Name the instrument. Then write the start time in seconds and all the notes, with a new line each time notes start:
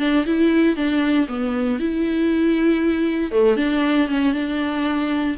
viola
0.00 D4
0.26 E4
0.77 D4
1.29 B3
1.80 E4
3.32 A3
3.57 D4
4.09 C#4
4.34 D4